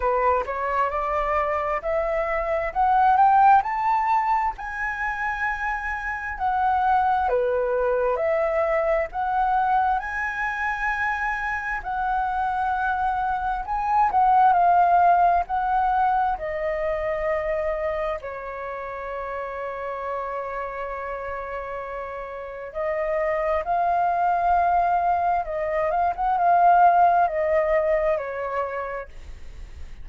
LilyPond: \new Staff \with { instrumentName = "flute" } { \time 4/4 \tempo 4 = 66 b'8 cis''8 d''4 e''4 fis''8 g''8 | a''4 gis''2 fis''4 | b'4 e''4 fis''4 gis''4~ | gis''4 fis''2 gis''8 fis''8 |
f''4 fis''4 dis''2 | cis''1~ | cis''4 dis''4 f''2 | dis''8 f''16 fis''16 f''4 dis''4 cis''4 | }